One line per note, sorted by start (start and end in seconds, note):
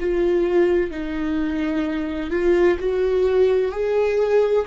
0.00 0.91 F4
0.91 2.30 D#4
2.30 2.77 F4
2.79 3.72 F#4
3.72 4.65 G#4